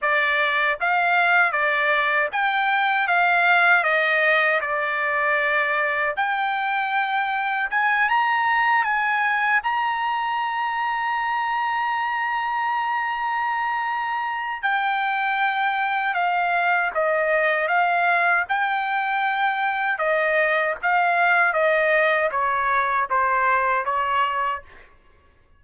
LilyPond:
\new Staff \with { instrumentName = "trumpet" } { \time 4/4 \tempo 4 = 78 d''4 f''4 d''4 g''4 | f''4 dis''4 d''2 | g''2 gis''8 ais''4 gis''8~ | gis''8 ais''2.~ ais''8~ |
ais''2. g''4~ | g''4 f''4 dis''4 f''4 | g''2 dis''4 f''4 | dis''4 cis''4 c''4 cis''4 | }